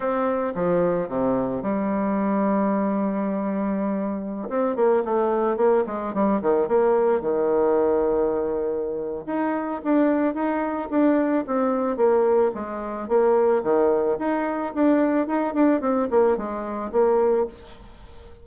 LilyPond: \new Staff \with { instrumentName = "bassoon" } { \time 4/4 \tempo 4 = 110 c'4 f4 c4 g4~ | g1~ | g16 c'8 ais8 a4 ais8 gis8 g8 dis16~ | dis16 ais4 dis2~ dis8.~ |
dis4 dis'4 d'4 dis'4 | d'4 c'4 ais4 gis4 | ais4 dis4 dis'4 d'4 | dis'8 d'8 c'8 ais8 gis4 ais4 | }